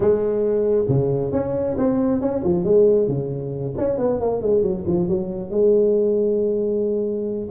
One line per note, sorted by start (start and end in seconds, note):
0.00 0.85 G#3
0.88 1.32 C#3
1.32 1.76 C#4
1.77 2.21 C4
2.21 2.43 C#4
2.44 2.64 F3
2.64 3.08 G#3
3.08 3.74 C#3
3.77 3.98 C#4
3.98 4.20 B3
4.20 4.41 A#3
4.41 4.62 G#3
4.62 4.84 F#3
4.86 5.08 F3
5.08 5.50 F#3
5.50 7.48 G#3